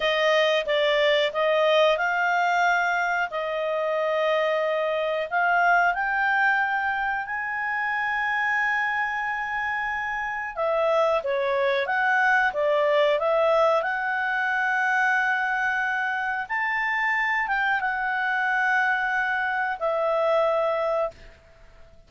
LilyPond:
\new Staff \with { instrumentName = "clarinet" } { \time 4/4 \tempo 4 = 91 dis''4 d''4 dis''4 f''4~ | f''4 dis''2. | f''4 g''2 gis''4~ | gis''1 |
e''4 cis''4 fis''4 d''4 | e''4 fis''2.~ | fis''4 a''4. g''8 fis''4~ | fis''2 e''2 | }